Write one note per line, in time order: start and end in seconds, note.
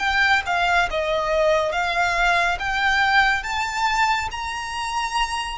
0.00 0.43 G5
0.47 0.90 F5
0.91 1.73 D#5
1.73 2.58 F5
2.59 3.44 G5
3.44 4.29 A5
4.32 5.59 A#5